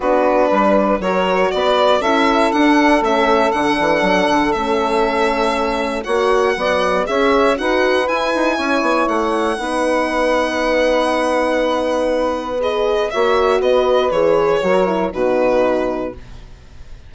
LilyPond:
<<
  \new Staff \with { instrumentName = "violin" } { \time 4/4 \tempo 4 = 119 b'2 cis''4 d''4 | e''4 fis''4 e''4 fis''4~ | fis''4 e''2. | fis''2 e''4 fis''4 |
gis''2 fis''2~ | fis''1~ | fis''4 dis''4 e''4 dis''4 | cis''2 b'2 | }
  \new Staff \with { instrumentName = "saxophone" } { \time 4/4 fis'4 b'4 ais'4 b'4 | a'1~ | a'1 | cis''4 d''4 cis''4 b'4~ |
b'4 cis''2 b'4~ | b'1~ | b'2 cis''4 b'4~ | b'4 ais'4 fis'2 | }
  \new Staff \with { instrumentName = "horn" } { \time 4/4 d'2 fis'2 | e'4 d'4 cis'4 d'4~ | d'4 cis'2. | fis'4 fis4 gis'4 fis'4 |
e'2. dis'4~ | dis'1~ | dis'4 gis'4 fis'2 | gis'4 fis'8 e'8 dis'2 | }
  \new Staff \with { instrumentName = "bassoon" } { \time 4/4 b4 g4 fis4 b4 | cis'4 d'4 a4 d8 e8 | fis8 d8 a2. | ais4 b4 cis'4 dis'4 |
e'8 dis'8 cis'8 b8 a4 b4~ | b1~ | b2 ais4 b4 | e4 fis4 b,2 | }
>>